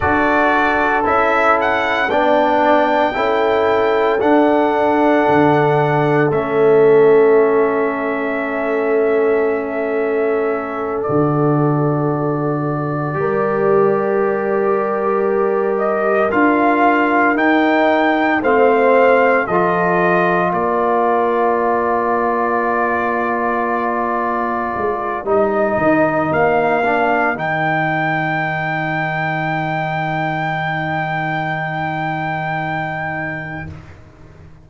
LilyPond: <<
  \new Staff \with { instrumentName = "trumpet" } { \time 4/4 \tempo 4 = 57 d''4 e''8 fis''8 g''2 | fis''2 e''2~ | e''2~ e''8 d''4.~ | d''2. dis''8 f''8~ |
f''8 g''4 f''4 dis''4 d''8~ | d''1 | dis''4 f''4 g''2~ | g''1 | }
  \new Staff \with { instrumentName = "horn" } { \time 4/4 a'2 d''4 a'4~ | a'1~ | a'1~ | a'8 ais'2.~ ais'8~ |
ais'4. c''4 a'4 ais'8~ | ais'1~ | ais'1~ | ais'1 | }
  \new Staff \with { instrumentName = "trombone" } { \time 4/4 fis'4 e'4 d'4 e'4 | d'2 cis'2~ | cis'2~ cis'8 fis'4.~ | fis'8 g'2. f'8~ |
f'8 dis'4 c'4 f'4.~ | f'1 | dis'4. d'8 dis'2~ | dis'1 | }
  \new Staff \with { instrumentName = "tuba" } { \time 4/4 d'4 cis'4 b4 cis'4 | d'4 d4 a2~ | a2~ a8 d4.~ | d8 g2. d'8~ |
d'8 dis'4 a4 f4 ais8~ | ais2.~ ais8 gis8 | g8 dis8 ais4 dis2~ | dis1 | }
>>